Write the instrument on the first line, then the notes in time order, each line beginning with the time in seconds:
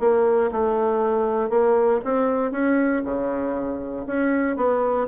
bassoon
0.00 A#3
0.52 A3
1.49 A#3
2.05 C4
2.52 C#4
3.04 C#3
4.07 C#4
4.56 B3